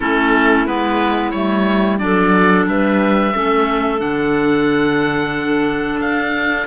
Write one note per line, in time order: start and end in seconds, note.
0.00 0.65 A3
0.00 0.67 C#4
0.00 1.99 E4
0.00 0.66 A4
0.65 1.32 G#3
0.65 1.33 B3
0.65 1.31 B4
1.31 2.00 G3
1.31 1.98 A3
1.31 1.97 C#5
1.98 2.66 F#3
1.98 3.32 D4
1.98 2.69 A4
1.98 2.65 D5
2.66 3.33 G3
2.66 3.34 B4
2.66 4.00 E5
3.33 4.01 A3
3.33 3.98 C#4
3.33 6.66 A4
3.98 5.99 D3
3.98 6.64 D4
3.98 6.00 F#5
5.99 6.66 D4
5.99 6.66 F5